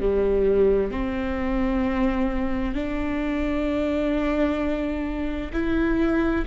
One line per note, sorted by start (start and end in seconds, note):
0.00 0.91 G3
0.91 2.74 C4
2.74 5.51 D4
5.53 6.45 E4